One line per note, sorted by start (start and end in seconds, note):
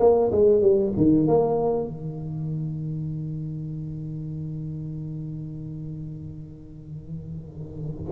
0.00 0.31 A#3
0.32 0.62 G#3
0.62 0.93 G3
0.97 1.28 D#3
1.28 1.88 A#3
1.88 8.13 D#3